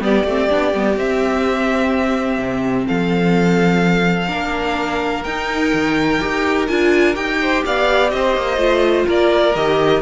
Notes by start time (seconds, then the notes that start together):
0.00 G3 B3 G4 D5
0.24 A3 C4
0.49 B3 D4
0.73 G3 B3
0.97 C4 E5
2.38 C3
2.86 F3 A4 F5
4.27 A#3 D4 A#4
5.23 D#4 G5
5.73 D#3
6.20 D#4 G4
6.67 D4 F4 G#5
7.14 D#4 G4 G5
7.41 C5
7.65 B3 D5 F5
8.09 C4 D#5
8.15 C5
8.36 A#3
8.57 A3 F4
9.07 A#3 A#4 D5
9.55 D#3 G4 D#5